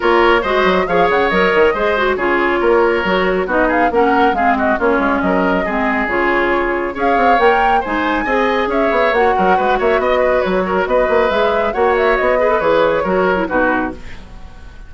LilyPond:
<<
  \new Staff \with { instrumentName = "flute" } { \time 4/4 \tempo 4 = 138 cis''4 dis''4 f''8 fis''8 dis''4~ | dis''4 cis''2. | dis''8 f''8 fis''4 f''8 dis''8 cis''4 | dis''2 cis''2 |
f''4 g''4 gis''2 | e''4 fis''4. e''8 dis''4 | cis''4 dis''4 e''4 fis''8 e''8 | dis''4 cis''2 b'4 | }
  \new Staff \with { instrumentName = "oboe" } { \time 4/4 ais'4 c''4 cis''2 | c''4 gis'4 ais'2 | fis'8 gis'8 ais'4 gis'8 fis'8 f'4 | ais'4 gis'2. |
cis''2 c''4 dis''4 | cis''4. ais'8 b'8 cis''8 dis''8 b'8~ | b'8 ais'8 b'2 cis''4~ | cis''8 b'4. ais'4 fis'4 | }
  \new Staff \with { instrumentName = "clarinet" } { \time 4/4 f'4 fis'4 gis'4 ais'4 | gis'8 fis'8 f'2 fis'4 | dis'4 cis'4 c'4 cis'4~ | cis'4 c'4 f'2 |
gis'4 ais'4 dis'4 gis'4~ | gis'4 fis'2.~ | fis'2 gis'4 fis'4~ | fis'8 gis'16 a'16 gis'4 fis'8. e'16 dis'4 | }
  \new Staff \with { instrumentName = "bassoon" } { \time 4/4 ais4 gis8 fis8 f8 cis8 fis8 dis8 | gis4 cis4 ais4 fis4 | b4 ais4 gis4 ais8 gis8 | fis4 gis4 cis2 |
cis'8 c'8 ais4 gis4 c'4 | cis'8 b8 ais8 fis8 gis8 ais8 b4 | fis4 b8 ais8 gis4 ais4 | b4 e4 fis4 b,4 | }
>>